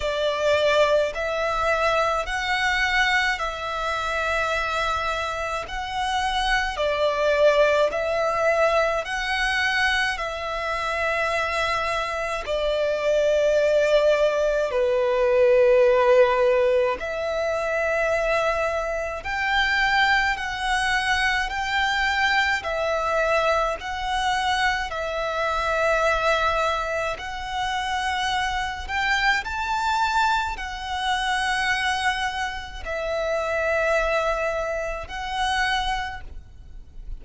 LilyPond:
\new Staff \with { instrumentName = "violin" } { \time 4/4 \tempo 4 = 53 d''4 e''4 fis''4 e''4~ | e''4 fis''4 d''4 e''4 | fis''4 e''2 d''4~ | d''4 b'2 e''4~ |
e''4 g''4 fis''4 g''4 | e''4 fis''4 e''2 | fis''4. g''8 a''4 fis''4~ | fis''4 e''2 fis''4 | }